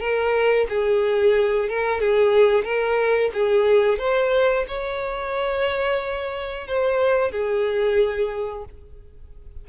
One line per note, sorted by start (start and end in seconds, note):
0.00 0.67 A#4
0.69 1.69 G#4
1.69 2.01 A#4
2.01 2.64 G#4
2.64 3.31 A#4
3.33 3.98 G#4
3.98 4.65 C5
4.68 6.67 C#5
6.67 7.31 C5
7.31 8.65 G#4